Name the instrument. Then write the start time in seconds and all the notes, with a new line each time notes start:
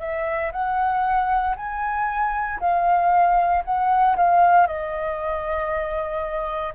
flute
0.00 E5
0.52 F#5
1.56 G#5
2.60 F5
3.64 F#5
4.16 F5
4.67 D#5